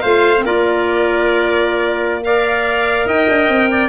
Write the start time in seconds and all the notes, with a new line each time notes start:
0.00 A3 F4 C5 F5
0.37 A#3 C4
0.45 F4 A#4 D5
2.23 A#4 D5 F5
3.05 D#4 D#5 G5
3.28 D4
3.48 C4
3.70 D5